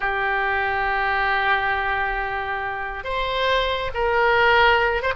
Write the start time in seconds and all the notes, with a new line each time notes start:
0.00 G4
3.04 C5
3.93 A#4
5.02 C5